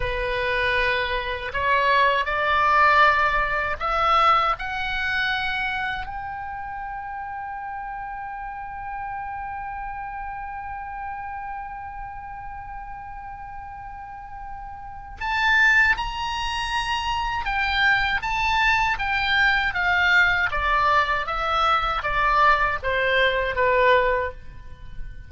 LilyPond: \new Staff \with { instrumentName = "oboe" } { \time 4/4 \tempo 4 = 79 b'2 cis''4 d''4~ | d''4 e''4 fis''2 | g''1~ | g''1~ |
g''1 | a''4 ais''2 g''4 | a''4 g''4 f''4 d''4 | e''4 d''4 c''4 b'4 | }